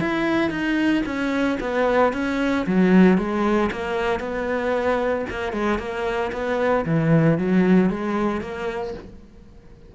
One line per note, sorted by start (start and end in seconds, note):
0.00 0.50 E4
0.50 1.02 D#4
1.05 1.58 C#4
1.60 2.12 B3
2.13 2.65 C#4
2.66 3.17 F#3
3.17 3.70 G#3
3.71 4.20 A#3
4.20 5.25 B3
5.29 5.52 A#3
5.52 5.78 G#3
5.78 6.31 A#3
6.32 6.85 B3
6.85 7.38 E3
7.38 7.89 F#3
7.89 8.41 G#3
8.41 8.93 A#3